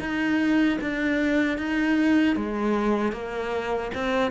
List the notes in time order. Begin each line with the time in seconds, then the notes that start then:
0.00 D#4
0.82 D4
1.58 D#4
2.36 G#3
3.13 A#3
3.95 C4